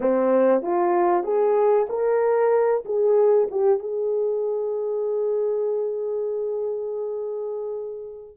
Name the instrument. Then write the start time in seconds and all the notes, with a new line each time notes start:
horn
0.00 C4
0.62 F4
1.23 G#4
1.89 A#4
2.85 G#4
3.51 G4
3.79 G#4